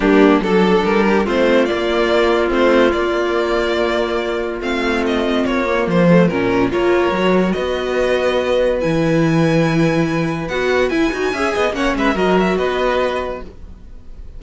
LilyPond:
<<
  \new Staff \with { instrumentName = "violin" } { \time 4/4 \tempo 4 = 143 g'4 a'4 ais'4 c''4 | d''2 c''4 d''4~ | d''2. f''4 | dis''4 cis''4 c''4 ais'4 |
cis''2 dis''2~ | dis''4 gis''2.~ | gis''4 fis''4 gis''2 | fis''8 e''8 dis''8 e''8 dis''2 | }
  \new Staff \with { instrumentName = "violin" } { \time 4/4 d'4 a'4. g'8 f'4~ | f'1~ | f'1~ | f'1 |
ais'2 b'2~ | b'1~ | b'2. e''8 dis''8 | cis''8 b'8 ais'4 b'2 | }
  \new Staff \with { instrumentName = "viola" } { \time 4/4 ais4 d'2 c'4 | ais2 c'4 ais4~ | ais2. c'4~ | c'4. ais4 a8 cis'4 |
f'4 fis'2.~ | fis'4 e'2.~ | e'4 fis'4 e'8 fis'8 gis'4 | cis'4 fis'2. | }
  \new Staff \with { instrumentName = "cello" } { \time 4/4 g4 fis4 g4 a4 | ais2 a4 ais4~ | ais2. a4~ | a4 ais4 f4 ais,4 |
ais4 fis4 b2~ | b4 e2.~ | e4 b4 e'8 dis'8 cis'8 b8 | ais8 gis8 fis4 b2 | }
>>